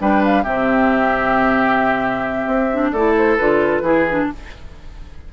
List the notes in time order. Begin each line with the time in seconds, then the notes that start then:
0.00 G3 D4 B4 G5
0.24 F5
0.43 C3 C4 G4 E5
2.46 C4
2.72 D4
2.91 A3 E4 A4 D5
3.18 C5
3.37 D3 F4 B4
3.81 E3 E4 G#4
4.10 D4